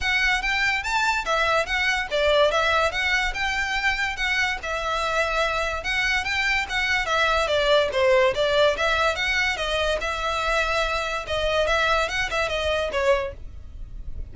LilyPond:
\new Staff \with { instrumentName = "violin" } { \time 4/4 \tempo 4 = 144 fis''4 g''4 a''4 e''4 | fis''4 d''4 e''4 fis''4 | g''2 fis''4 e''4~ | e''2 fis''4 g''4 |
fis''4 e''4 d''4 c''4 | d''4 e''4 fis''4 dis''4 | e''2. dis''4 | e''4 fis''8 e''8 dis''4 cis''4 | }